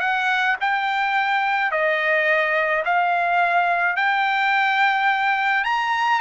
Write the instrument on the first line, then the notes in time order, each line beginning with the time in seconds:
trumpet
0.00 F#5
0.60 G5
1.71 D#5
2.85 F5
3.96 G5
5.64 A#5